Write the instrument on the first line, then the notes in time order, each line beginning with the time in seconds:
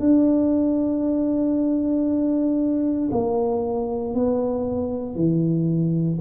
tuba
0.00 D4
3.12 A#3
4.14 B3
5.16 E3